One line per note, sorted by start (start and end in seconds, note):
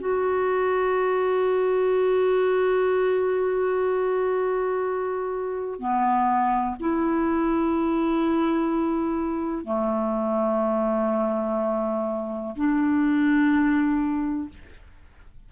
0.00 5.79 F#4
5.79 6.76 B3
6.80 9.65 E4
9.65 12.55 A3
12.56 14.49 D4